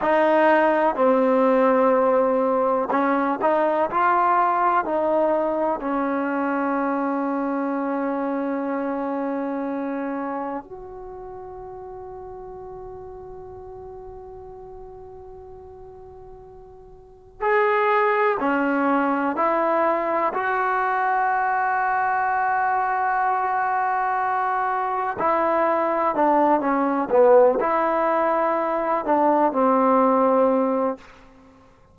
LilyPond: \new Staff \with { instrumentName = "trombone" } { \time 4/4 \tempo 4 = 62 dis'4 c'2 cis'8 dis'8 | f'4 dis'4 cis'2~ | cis'2. fis'4~ | fis'1~ |
fis'2 gis'4 cis'4 | e'4 fis'2.~ | fis'2 e'4 d'8 cis'8 | b8 e'4. d'8 c'4. | }